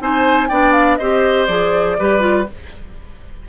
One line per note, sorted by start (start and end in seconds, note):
0.00 0.50 C4
0.00 0.49 D#4
0.00 0.49 C5
0.00 0.48 G#5
0.48 0.99 B3
0.48 1.00 D4
0.48 0.98 D5
0.48 0.73 G5
0.73 0.97 F5
0.97 1.48 C4
0.97 1.49 G4
0.97 1.97 C5
0.97 1.46 D#5
1.46 1.97 F3
1.46 1.98 G#4
1.46 2.44 D5
1.99 2.49 G3
1.99 2.20 G4
1.99 2.48 B4
2.20 2.44 F4